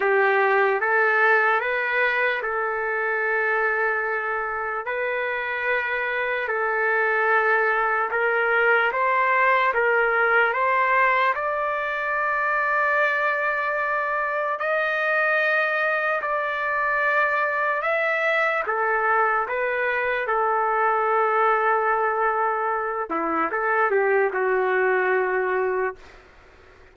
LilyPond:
\new Staff \with { instrumentName = "trumpet" } { \time 4/4 \tempo 4 = 74 g'4 a'4 b'4 a'4~ | a'2 b'2 | a'2 ais'4 c''4 | ais'4 c''4 d''2~ |
d''2 dis''2 | d''2 e''4 a'4 | b'4 a'2.~ | a'8 e'8 a'8 g'8 fis'2 | }